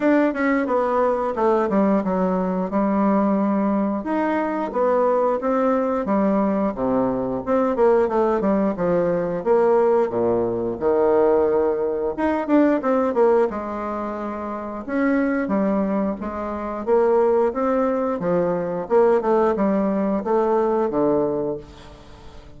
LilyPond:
\new Staff \with { instrumentName = "bassoon" } { \time 4/4 \tempo 4 = 89 d'8 cis'8 b4 a8 g8 fis4 | g2 dis'4 b4 | c'4 g4 c4 c'8 ais8 | a8 g8 f4 ais4 ais,4 |
dis2 dis'8 d'8 c'8 ais8 | gis2 cis'4 g4 | gis4 ais4 c'4 f4 | ais8 a8 g4 a4 d4 | }